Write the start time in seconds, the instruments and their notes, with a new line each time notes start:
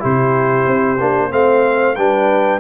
0.00 tuba C3, trombone E4, horn G4, trumpet C5
0.67 tuba C4
1.00 tuba A#3, trombone D4
1.31 tuba A3, trombone C4, horn C5, trumpet F5
1.95 tuba G3, trombone D4, horn B4, trumpet G5